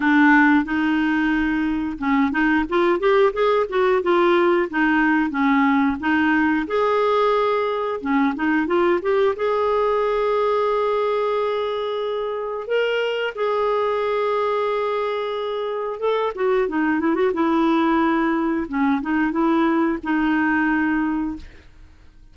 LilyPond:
\new Staff \with { instrumentName = "clarinet" } { \time 4/4 \tempo 4 = 90 d'4 dis'2 cis'8 dis'8 | f'8 g'8 gis'8 fis'8 f'4 dis'4 | cis'4 dis'4 gis'2 | cis'8 dis'8 f'8 g'8 gis'2~ |
gis'2. ais'4 | gis'1 | a'8 fis'8 dis'8 e'16 fis'16 e'2 | cis'8 dis'8 e'4 dis'2 | }